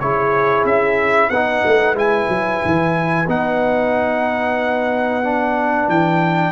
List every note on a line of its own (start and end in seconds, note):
0.00 0.65 C#3
0.00 1.32 E4
0.00 1.29 G#4
0.00 0.65 C#5
0.65 1.30 C#4
0.65 1.30 E5
1.29 1.63 B3
1.29 1.96 D#4
1.29 6.51 B4
1.29 1.95 F#5
1.65 1.94 A3
1.94 2.27 G#3
1.94 3.26 E4
1.94 3.29 G#5
2.29 2.61 F#3
2.65 3.28 E3
3.28 5.88 B3
3.28 5.24 D#4
3.28 5.90 F#5
5.24 6.52 D4
5.88 6.52 E3
5.88 6.52 G5